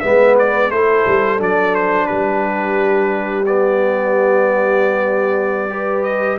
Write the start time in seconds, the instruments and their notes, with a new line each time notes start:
0.00 tuba G#3, trombone B3, horn B4, trumpet E5
0.39 trumpet D5
0.69 tuba A3, trombone E4, horn A4, trumpet C5
1.06 tuba G3
1.38 tuba F#3, trombone D4, trumpet D5
1.75 trumpet C5
2.06 tuba G3, horn G4, trumpet B4
3.46 trombone B3, trumpet D5
5.69 trombone G4, horn B4
6.03 trumpet D#5